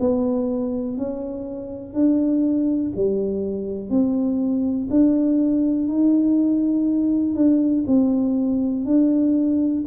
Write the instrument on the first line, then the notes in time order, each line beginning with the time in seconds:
tuba
0.00 B3
0.98 C#4
1.94 D4
2.96 G3
3.90 C4
4.90 D4
5.88 D#4
7.35 D4
7.87 C4
8.86 D4